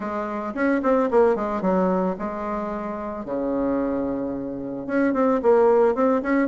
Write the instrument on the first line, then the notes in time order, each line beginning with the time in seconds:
bassoon
0.00 G#3
0.54 C#4
0.82 C4
1.10 A#3
1.35 G#3
1.61 F#3
2.19 G#3
3.25 C#3
4.86 C#4
5.13 C4
5.42 A#3
5.94 C4
6.22 C#4